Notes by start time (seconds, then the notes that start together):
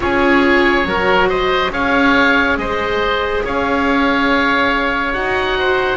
0.00 C#4 F4 G#4 C#5
0.84 F#3 F#4 A#4
1.28 C5 D#5
1.71 C#4 G#4 C#5 F5
2.57 G#3 C5 D#5
3.44 C#4 C#5 F5
5.13 D#4 F#4 F#5
5.58 C5